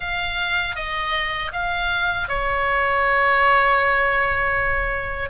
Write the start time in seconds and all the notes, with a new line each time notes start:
0.00 F5
0.75 D#5
1.52 F5
2.28 C#5